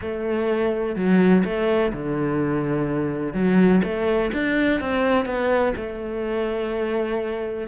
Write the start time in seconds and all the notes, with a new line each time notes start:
0.01 A3
0.95 F#3
1.44 A3
1.92 D3
3.33 F#3
3.83 A3
4.33 D4
4.80 C4
5.25 B3
5.76 A3